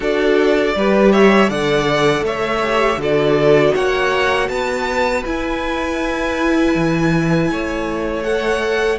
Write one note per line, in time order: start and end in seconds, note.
0.00 0.74 D4
0.00 0.73 F#4
0.00 0.75 A4
0.00 1.12 D5
0.75 1.49 G3
0.75 1.47 G4
0.75 1.11 B4
1.11 1.49 C#5
1.11 1.49 E5
1.47 2.21 D3
1.47 2.60 A4
1.47 2.24 D5
1.47 2.24 F#5
2.21 2.96 A3
2.21 3.00 C#5
2.21 3.01 E5
2.62 2.99 G4
2.97 3.72 D3
2.97 5.24 F#4
2.97 3.74 A4
2.97 3.74 D5
3.74 4.48 A#3
3.74 4.49 C#5
3.74 4.48 F#5
4.48 5.23 B3
4.48 7.51 B4
4.48 5.23 A5
5.24 8.23 E4
5.24 6.74 E4
5.24 8.23 G#5
6.74 7.49 E3
7.50 8.99 A3
7.50 8.99 C#5
8.23 8.98 A4
8.23 8.98 F#5